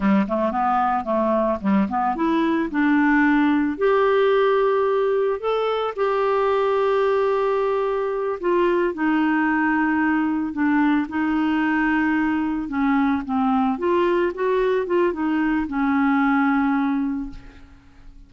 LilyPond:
\new Staff \with { instrumentName = "clarinet" } { \time 4/4 \tempo 4 = 111 g8 a8 b4 a4 g8 b8 | e'4 d'2 g'4~ | g'2 a'4 g'4~ | g'2.~ g'8 f'8~ |
f'8 dis'2. d'8~ | d'8 dis'2. cis'8~ | cis'8 c'4 f'4 fis'4 f'8 | dis'4 cis'2. | }